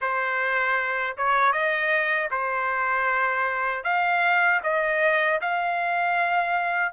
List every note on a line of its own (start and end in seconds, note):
0.01 1.16 C5
1.17 1.52 C#5
1.52 2.29 D#5
2.30 3.84 C5
3.84 4.60 F5
4.63 5.40 D#5
5.41 6.92 F5